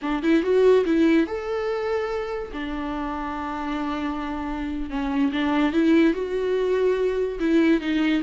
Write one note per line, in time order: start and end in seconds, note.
0.02 0.23 D4
0.23 0.42 E4
0.42 0.84 F#4
0.85 1.26 E4
1.26 2.51 A4
2.52 4.90 D4
4.90 5.31 C#4
5.32 5.72 D4
5.72 6.13 E4
6.13 7.38 F#4
7.39 7.80 E4
7.80 8.22 D#4